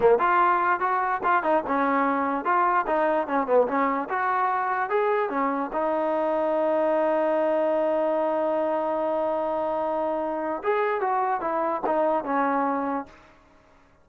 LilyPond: \new Staff \with { instrumentName = "trombone" } { \time 4/4 \tempo 4 = 147 ais8 f'4. fis'4 f'8 dis'8 | cis'2 f'4 dis'4 | cis'8 b8 cis'4 fis'2 | gis'4 cis'4 dis'2~ |
dis'1~ | dis'1~ | dis'2 gis'4 fis'4 | e'4 dis'4 cis'2 | }